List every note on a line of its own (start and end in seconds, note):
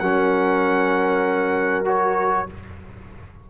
0.00 2.49 F#3
0.00 1.85 C#4
0.00 2.50 A#4
0.00 1.86 F#5
1.85 2.47 F#4
1.85 2.50 C#5